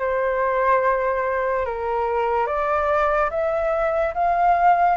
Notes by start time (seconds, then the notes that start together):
0.00 C5
1.66 A#4
2.47 D5
3.31 E5
4.14 F5